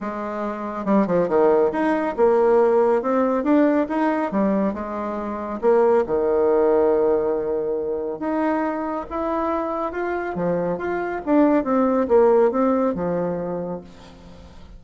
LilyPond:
\new Staff \with { instrumentName = "bassoon" } { \time 4/4 \tempo 4 = 139 gis2 g8 f8 dis4 | dis'4 ais2 c'4 | d'4 dis'4 g4 gis4~ | gis4 ais4 dis2~ |
dis2. dis'4~ | dis'4 e'2 f'4 | f4 f'4 d'4 c'4 | ais4 c'4 f2 | }